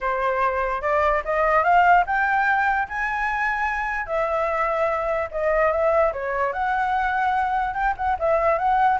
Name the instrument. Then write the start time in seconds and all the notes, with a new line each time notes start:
flute
0.00 C5
0.81 D5
1.24 D#5
1.63 F5
2.06 G5
2.88 G#5
4.06 E5
5.31 D#5
5.71 E5
6.13 C#5
6.52 F#5
7.73 G5
7.96 F#5
8.19 E5
8.58 F#5